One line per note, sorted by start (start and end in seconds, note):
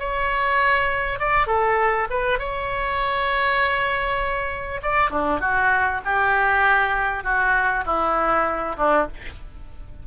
0.00 1.20 C#5
1.20 1.47 D5
1.47 2.08 A4
2.10 2.39 B4
2.39 4.82 C#5
4.83 5.11 D5
5.11 5.41 D4
5.41 6.01 F#4
6.05 7.24 G4
7.24 7.85 F#4
7.86 8.77 E4
8.77 9.08 D4